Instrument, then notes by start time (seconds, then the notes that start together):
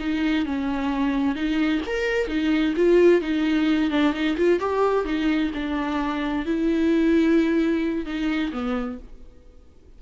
viola
0.00 D#4
0.46 C#4
1.36 D#4
1.87 A#4
2.28 D#4
2.77 F4
3.22 D#4
3.91 D4
4.14 D#4
4.38 F4
4.60 G4
5.05 D#4
5.55 D4
6.46 E4
8.06 D#4
8.53 B3